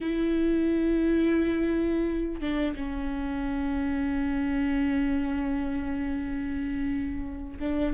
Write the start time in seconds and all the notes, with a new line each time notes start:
0.00 E4
2.40 D4
2.76 C#4
7.59 D4